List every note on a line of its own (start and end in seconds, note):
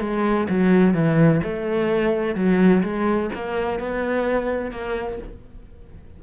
0.00 0.47 G#3
0.49 0.94 F#3
0.94 1.41 E3
1.43 2.35 A3
2.35 2.82 F#3
2.83 3.30 G#3
3.35 3.79 A#3
3.79 4.71 B3
4.71 5.18 A#3